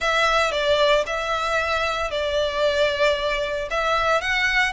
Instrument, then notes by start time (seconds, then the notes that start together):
violin
0.00 E5
0.51 D5
1.06 E5
2.11 D5
3.70 E5
4.21 F#5